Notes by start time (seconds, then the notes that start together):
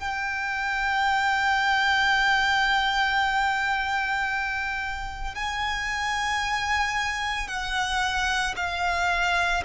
0.00 G5
5.36 G#5
7.48 F#5
8.57 F5